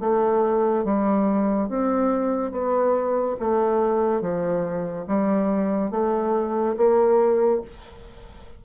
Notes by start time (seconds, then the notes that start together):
0.00 A3
0.85 G3
1.69 C4
2.52 B3
3.40 A3
4.21 F3
5.07 G3
5.91 A3
6.76 A#3